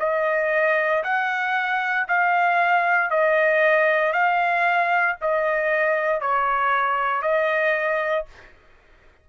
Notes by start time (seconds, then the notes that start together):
0.00 D#5
1.04 F#5
2.08 F5
3.11 D#5
4.13 F5
5.21 D#5
6.21 C#5
7.22 D#5